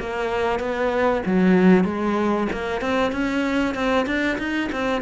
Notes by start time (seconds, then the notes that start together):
0.00 A#3
0.59 B3
1.26 F#3
1.84 G#3
2.53 A#3
2.81 C4
3.12 C#4
3.75 C4
4.06 D4
4.38 D#4
4.72 C4